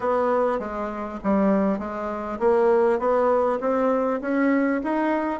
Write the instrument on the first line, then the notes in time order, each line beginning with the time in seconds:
bassoon
0.00 B3
0.59 G#3
1.23 G3
1.78 G#3
2.39 A#3
2.99 B3
3.60 C4
4.21 C#4
4.83 D#4